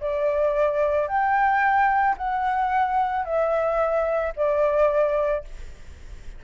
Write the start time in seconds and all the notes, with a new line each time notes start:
0.00 D5
1.07 G5
2.17 F#5
3.25 E5
4.36 D5